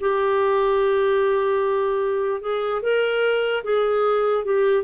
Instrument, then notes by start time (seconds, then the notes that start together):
clarinet
0.00 G4
2.41 G#4
2.82 A#4
3.64 G#4
4.45 G4